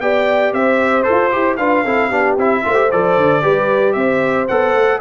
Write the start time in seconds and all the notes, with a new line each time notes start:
0.00 B3 G4 D5 G5
0.52 C4 C5 E5
1.03 A4 C5
1.10 F4
1.32 E4 G4
1.57 D4 F4 B4 F5
1.84 C4 E4 A4
2.08 B3 D4 G4
2.37 C4 E4 E5
2.64 A3 F4 C5
2.74 G4
2.91 F3 A4 D5
3.17 D3
3.42 G3 G4 B4
3.93 C4 C5 E5
4.48 B3 A4 F#5
4.74 A3